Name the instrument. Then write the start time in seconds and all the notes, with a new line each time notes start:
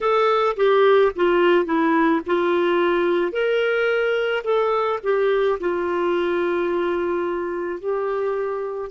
clarinet
0.00 A4
0.56 G4
1.15 F4
1.65 E4
2.26 F4
3.32 A#4
4.43 A4
5.03 G4
5.60 F4
7.79 G4